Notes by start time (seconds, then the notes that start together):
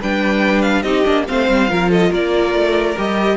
0.00 G3 D4 B4 G5
0.62 F5
0.82 C4 D#4 G4 D#5
1.04 A#3 D4
1.27 A3 C4 C5 F5
1.48 G3
1.68 F3 F4 A#4
1.89 A4 D#5
2.10 A#3 A#4 D5
2.53 A3
2.97 G3 G4 D#5